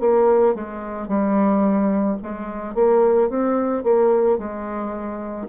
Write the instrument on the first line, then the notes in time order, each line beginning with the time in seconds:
bassoon
0.00 A#3
0.55 G#3
1.08 G3
2.23 G#3
2.75 A#3
3.30 C4
3.84 A#3
4.38 G#3